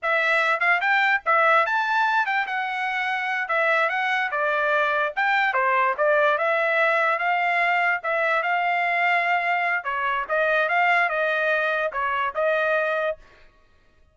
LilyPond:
\new Staff \with { instrumentName = "trumpet" } { \time 4/4 \tempo 4 = 146 e''4. f''8 g''4 e''4 | a''4. g''8 fis''2~ | fis''8 e''4 fis''4 d''4.~ | d''8 g''4 c''4 d''4 e''8~ |
e''4. f''2 e''8~ | e''8 f''2.~ f''8 | cis''4 dis''4 f''4 dis''4~ | dis''4 cis''4 dis''2 | }